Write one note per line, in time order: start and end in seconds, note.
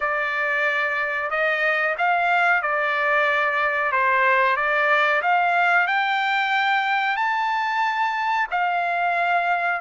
0.00 1.30 D5
1.30 1.95 D#5
1.97 2.61 F5
2.61 3.92 D5
3.92 4.56 C5
4.56 5.21 D5
5.22 5.87 F5
5.87 7.16 G5
7.16 8.47 A5
8.50 9.81 F5